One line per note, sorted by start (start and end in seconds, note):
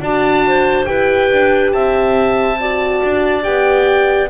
0.00 0.86 D4
0.00 0.86 F#4
0.00 0.46 D5
0.00 0.86 A5
0.47 0.89 C5
0.86 1.31 E4
0.86 2.58 G4
0.86 1.75 B4
0.86 1.72 G5
1.32 1.73 D4
1.72 3.02 C4
1.72 2.60 E5
1.72 3.44 A5
2.61 3.43 F#4
2.61 4.30 D5
3.03 3.46 D4
3.43 4.30 B3
3.43 4.29 G4
3.43 4.30 G5